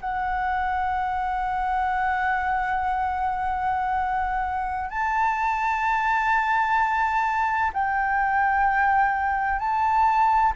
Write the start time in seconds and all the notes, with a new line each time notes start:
0.00 F#5
4.90 A5
7.73 G5
9.59 A5